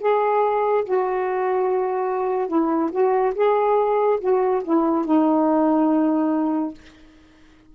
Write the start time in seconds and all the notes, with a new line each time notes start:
0.00 G#4
0.85 F#4
2.48 E4
2.92 F#4
3.35 G#4
4.20 F#4
4.64 E4
5.05 D#4